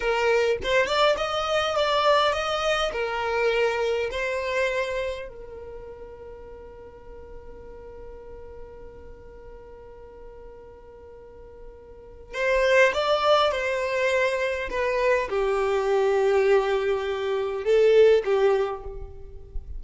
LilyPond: \new Staff \with { instrumentName = "violin" } { \time 4/4 \tempo 4 = 102 ais'4 c''8 d''8 dis''4 d''4 | dis''4 ais'2 c''4~ | c''4 ais'2.~ | ais'1~ |
ais'1~ | ais'4 c''4 d''4 c''4~ | c''4 b'4 g'2~ | g'2 a'4 g'4 | }